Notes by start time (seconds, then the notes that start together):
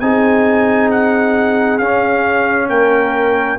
0.00 C4 D#4 G#4 G#5
0.91 F#5
1.78 C#4 F5
2.69 A#3 A#4 G5